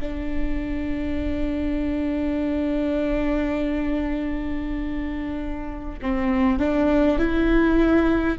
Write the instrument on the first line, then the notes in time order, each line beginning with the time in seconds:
viola
0.00 D4
6.02 C4
6.59 D4
7.18 E4